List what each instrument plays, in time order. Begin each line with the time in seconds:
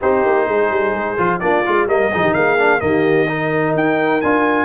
0.01 tuba C4, trombone D#4, horn G4, trumpet C5
0.24 tuba A#3
0.46 tuba G#3, horn G#4
0.70 tuba G3
0.92 tuba G#3
1.17 tuba F3, trombone F4
1.39 tuba A#3, trombone D4, horn F4, trumpet D5
1.65 tuba G#3, trombone F4
1.86 tuba G3, trombone A#3, horn A#4, trumpet D#5
2.12 tuba F3, trombone D#4, horn G#4
2.22 tuba D#3, horn G4
2.33 tuba A#3, horn G#4, trumpet F5
2.58 trombone D4
2.79 tuba D#3, trombone A#3, horn G4, trumpet D#5
3.27 trombone D#4, horn A#4
3.74 tuba D#4, trumpet G5
4.21 tuba D4, trombone F4, trumpet G#5